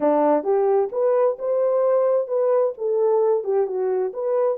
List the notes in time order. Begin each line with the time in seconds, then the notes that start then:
0.00 D4
0.43 G4
0.92 B4
1.38 C5
2.27 B4
2.77 A4
3.44 G4
3.66 F#4
4.13 B4